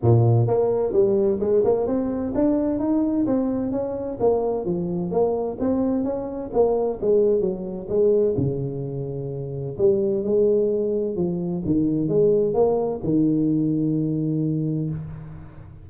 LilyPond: \new Staff \with { instrumentName = "tuba" } { \time 4/4 \tempo 4 = 129 ais,4 ais4 g4 gis8 ais8 | c'4 d'4 dis'4 c'4 | cis'4 ais4 f4 ais4 | c'4 cis'4 ais4 gis4 |
fis4 gis4 cis2~ | cis4 g4 gis2 | f4 dis4 gis4 ais4 | dis1 | }